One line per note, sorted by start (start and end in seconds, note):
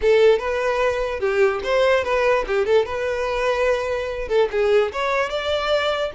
0.01 0.38 A4
0.38 1.20 B4
1.20 1.60 G4
1.63 2.03 C5
2.03 2.44 B4
2.47 2.65 G4
2.65 2.85 A4
2.85 4.28 B4
4.28 4.48 A4
4.51 4.92 G#4
4.92 5.29 C#5
5.29 6.11 D5